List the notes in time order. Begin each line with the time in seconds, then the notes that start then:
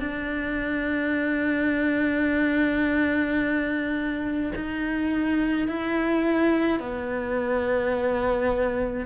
0.00 D4
4.55 D#4
5.68 E4
6.80 B3